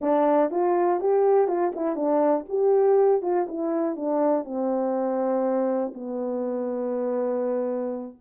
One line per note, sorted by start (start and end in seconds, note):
0.01 0.50 D4
0.50 1.00 F4
1.00 1.47 G4
1.47 1.72 F4
1.75 1.95 E4
1.95 2.45 D4
2.49 3.22 G4
3.22 3.47 F4
3.48 3.96 E4
3.96 4.44 D4
4.44 5.93 C4
5.94 8.17 B3